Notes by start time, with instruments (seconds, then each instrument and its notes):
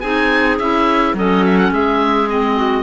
0.00 cello C4, clarinet D#4 G#4, oboe G#5
0.59 cello C#4, clarinet E4, oboe E5
1.14 cello F#3, clarinet C#4 A4, oboe D#5
1.45 oboe E5
1.58 oboe F#5
1.71 cello G#3, clarinet G#4, oboe E5
2.28 clarinet C4, oboe D#5
2.56 clarinet F#4